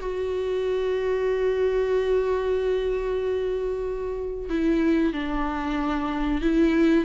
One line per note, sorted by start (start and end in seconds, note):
0.00 4.49 F#4
4.49 5.13 E4
5.13 6.41 D4
6.41 7.04 E4